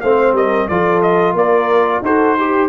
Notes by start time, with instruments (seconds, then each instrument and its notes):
0.00 tuba A3, trombone C4, horn C5, trumpet F5
0.32 tuba G3, horn A#4, trumpet D#5
0.68 tuba F3, trombone F4, horn A4, trumpet D5
1.02 trumpet D#5
1.33 tuba A#3, horn A#4, trumpet D5
2.02 tuba D#4, trombone F#4, horn A4, trumpet C5
2.37 horn G4, trombone G4